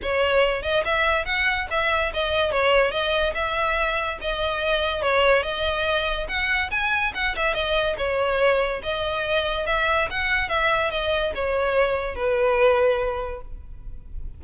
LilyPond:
\new Staff \with { instrumentName = "violin" } { \time 4/4 \tempo 4 = 143 cis''4. dis''8 e''4 fis''4 | e''4 dis''4 cis''4 dis''4 | e''2 dis''2 | cis''4 dis''2 fis''4 |
gis''4 fis''8 e''8 dis''4 cis''4~ | cis''4 dis''2 e''4 | fis''4 e''4 dis''4 cis''4~ | cis''4 b'2. | }